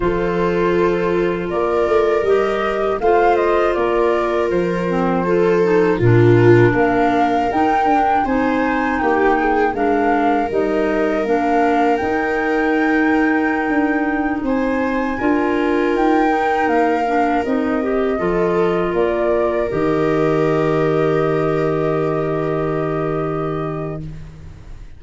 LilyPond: <<
  \new Staff \with { instrumentName = "flute" } { \time 4/4 \tempo 4 = 80 c''2 d''4 dis''4 | f''8 dis''8 d''4 c''2 | ais'4 f''4 g''4 gis''4 | g''4 f''4 dis''4 f''4 |
g''2.~ g''16 gis''8.~ | gis''4~ gis''16 g''4 f''4 dis''8.~ | dis''4~ dis''16 d''4 dis''4.~ dis''16~ | dis''1 | }
  \new Staff \with { instrumentName = "viola" } { \time 4/4 a'2 ais'2 | c''4 ais'2 a'4 | f'4 ais'2 c''4 | g'8 gis'8 ais'2.~ |
ais'2.~ ais'16 c''8.~ | c''16 ais'2.~ ais'8.~ | ais'16 a'4 ais'2~ ais'8.~ | ais'1 | }
  \new Staff \with { instrumentName = "clarinet" } { \time 4/4 f'2. g'4 | f'2~ f'8 c'8 f'8 dis'8 | d'2 dis'8 d'8 dis'4~ | dis'4 d'4 dis'4 d'4 |
dis'1~ | dis'16 f'4. dis'4 d'8 dis'8 g'16~ | g'16 f'2 g'4.~ g'16~ | g'1 | }
  \new Staff \with { instrumentName = "tuba" } { \time 4/4 f2 ais8 a8 g4 | a4 ais4 f2 | ais,4 ais4 dis'8 d'8 c'4 | ais4 gis4 g4 ais4 |
dis'2~ dis'16 d'4 c'8.~ | c'16 d'4 dis'4 ais4 c'8.~ | c'16 f4 ais4 dis4.~ dis16~ | dis1 | }
>>